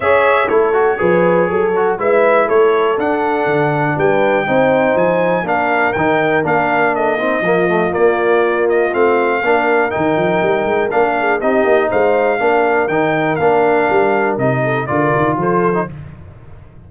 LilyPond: <<
  \new Staff \with { instrumentName = "trumpet" } { \time 4/4 \tempo 4 = 121 e''4 cis''2. | e''4 cis''4 fis''2 | g''2 gis''4 f''4 | g''4 f''4 dis''2 |
d''4. dis''8 f''2 | g''2 f''4 dis''4 | f''2 g''4 f''4~ | f''4 dis''4 d''4 c''4 | }
  \new Staff \with { instrumentName = "horn" } { \time 4/4 cis''4 a'4 b'4 a'4 | b'4 a'2. | b'4 c''2 ais'4~ | ais'2 a'8 dis'8 f'4~ |
f'2. ais'4~ | ais'2~ ais'8 gis'8 g'4 | c''4 ais'2.~ | ais'4. a'8 ais'4 a'4 | }
  \new Staff \with { instrumentName = "trombone" } { \time 4/4 gis'4 e'8 fis'8 gis'4. fis'8 | e'2 d'2~ | d'4 dis'2 d'4 | dis'4 d'4. c'8 ais8 a8 |
ais2 c'4 d'4 | dis'2 d'4 dis'4~ | dis'4 d'4 dis'4 d'4~ | d'4 dis'4 f'4.~ f'16 dis'16 | }
  \new Staff \with { instrumentName = "tuba" } { \time 4/4 cis'4 a4 f4 fis4 | gis4 a4 d'4 d4 | g4 c'4 f4 ais4 | dis4 ais2 f4 |
ais2 a4 ais4 | dis8 f8 g8 gis8 ais4 c'8 ais8 | gis4 ais4 dis4 ais4 | g4 c4 d8 dis8 f4 | }
>>